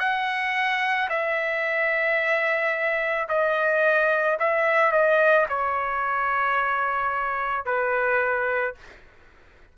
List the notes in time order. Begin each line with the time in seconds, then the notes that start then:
0.00 F#5
1.10 E5
3.29 D#5
4.40 E5
4.92 D#5
5.49 C#5
7.66 B4